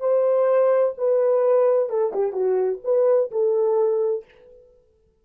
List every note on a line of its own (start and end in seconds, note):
0.00 0.94 C5
0.98 1.89 B4
1.89 2.13 A4
2.13 2.33 G4
2.33 2.80 F#4
2.84 3.31 B4
3.31 4.25 A4